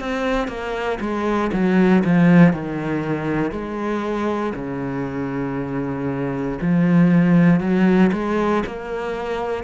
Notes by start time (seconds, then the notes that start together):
0.00 C4
0.48 A#3
1.01 G#3
1.53 F#3
2.05 F3
2.54 D#3
3.52 G#3
4.55 C#3
6.62 F3
7.61 F#3
8.13 G#3
8.67 A#3